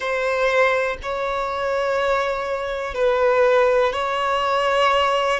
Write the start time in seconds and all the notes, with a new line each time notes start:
0.00 C5
1.02 C#5
2.94 B4
3.92 C#5